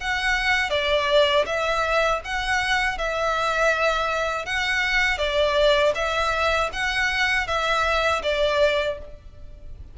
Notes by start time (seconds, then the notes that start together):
0.00 F#5
0.70 D5
1.46 E5
2.24 F#5
2.98 E5
4.46 F#5
5.18 D5
5.95 E5
6.73 F#5
7.47 E5
8.23 D5